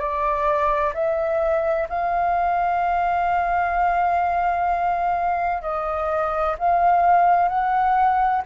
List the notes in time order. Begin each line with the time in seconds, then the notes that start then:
0.00 D5
0.95 E5
1.90 F5
5.62 D#5
6.59 F5
7.49 F#5